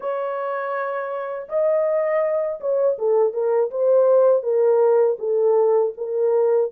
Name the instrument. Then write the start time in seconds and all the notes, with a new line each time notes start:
horn
0.00 C#5
1.48 D#5
2.60 C#5
2.98 A4
3.33 A#4
3.70 C5
4.42 A#4
5.19 A4
5.97 A#4